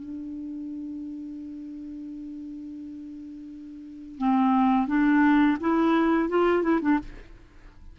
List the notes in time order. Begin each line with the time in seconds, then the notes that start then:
0.00 D4
4.19 C4
4.88 D4
5.61 E4
6.29 F4
6.63 E4
6.82 D4